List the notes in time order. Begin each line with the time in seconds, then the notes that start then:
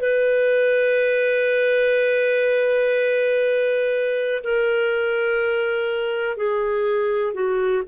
0.00 B4
4.44 A#4
6.37 G#4
7.33 F#4